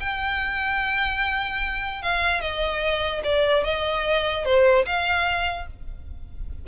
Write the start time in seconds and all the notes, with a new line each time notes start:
0.00 G5
2.02 F5
2.41 D#5
3.24 D5
3.64 D#5
4.45 C5
4.86 F5